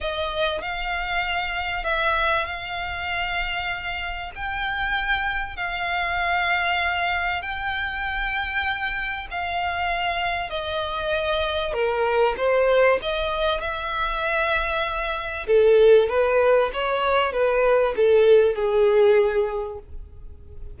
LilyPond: \new Staff \with { instrumentName = "violin" } { \time 4/4 \tempo 4 = 97 dis''4 f''2 e''4 | f''2. g''4~ | g''4 f''2. | g''2. f''4~ |
f''4 dis''2 ais'4 | c''4 dis''4 e''2~ | e''4 a'4 b'4 cis''4 | b'4 a'4 gis'2 | }